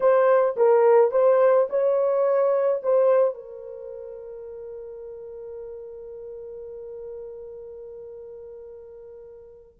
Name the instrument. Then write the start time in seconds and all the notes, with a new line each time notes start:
horn
0.00 C5
0.56 A#4
1.11 C5
1.69 C#5
2.82 C5
3.34 A#4